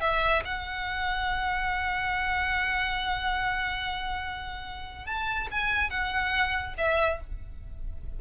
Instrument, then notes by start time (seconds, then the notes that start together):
violin
0.00 E5
0.44 F#5
5.06 A5
5.51 G#5
5.89 F#5
6.77 E5